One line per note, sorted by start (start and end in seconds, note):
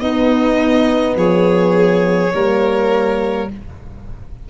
0.00 1.16 B3
0.00 2.32 B3
0.00 1.17 D#4
0.00 1.15 D#5
1.16 2.31 F3
1.16 2.33 G#4
1.16 3.49 C#5
2.34 3.49 G3
2.34 3.50 A#3
2.34 3.49 A#4